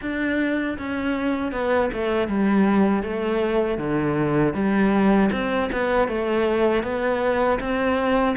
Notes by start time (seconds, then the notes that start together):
0.01 D4
0.78 C#4
1.52 B3
1.93 A3
2.28 G3
3.03 A3
3.78 D3
4.54 G3
5.32 C4
5.72 B3
6.08 A3
6.83 B3
7.59 C4